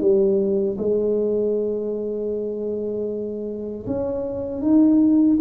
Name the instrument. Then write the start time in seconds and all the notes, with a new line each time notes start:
tuba
0.00 G3
0.78 G#3
3.86 C#4
4.61 D#4